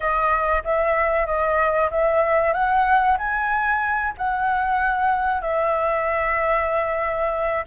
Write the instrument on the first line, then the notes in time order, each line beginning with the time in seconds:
flute
0.00 D#5
0.64 E5
1.26 D#5
1.91 E5
2.53 F#5
3.18 G#5
4.17 F#5
5.41 E5